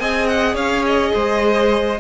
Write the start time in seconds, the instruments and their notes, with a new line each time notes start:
0.00 cello C4, viola G#4, violin D#5 G#5
0.27 violin F#5
0.54 cello C#4, violin C#5 F5
0.86 violin D#5
1.14 cello G#3, violin C5